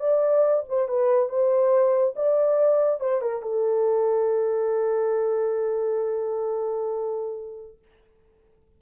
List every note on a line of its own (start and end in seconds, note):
0.00 0.64 D5
0.68 0.88 C5
0.88 1.29 B4
1.29 2.14 C5
2.16 3.00 D5
3.00 3.21 C5
3.21 3.42 A#4
3.42 7.79 A4